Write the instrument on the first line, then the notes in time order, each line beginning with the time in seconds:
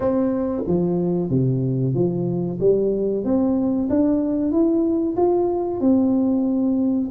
tuba
0.00 C4
0.67 F3
1.29 C3
1.94 F3
2.60 G3
3.24 C4
3.89 D4
4.51 E4
5.16 F4
5.80 C4